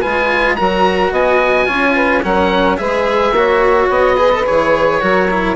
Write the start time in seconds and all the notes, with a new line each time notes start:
0.00 G#3 F4 B4 G#5
0.55 F#3 F#4 A#4 A#5
1.11 B3 D#5 G#5
1.65 C#4 F4 C#5
1.95 B4
2.22 F#3 C#4 A#4 F#5
2.77 G#3 G#4 B4 E5
3.31 A#3 F#4 C#5
3.89 B3 D#5
4.15 G#4 B4
4.31 A4
4.45 E3 G#4 C#5
5.01 F#3 F#4 A#4
5.30 E4